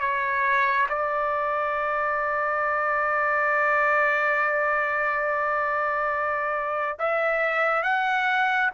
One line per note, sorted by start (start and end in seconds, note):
0.00 0.87 C#5
0.89 6.98 D5
6.98 7.83 E5
7.83 8.70 F#5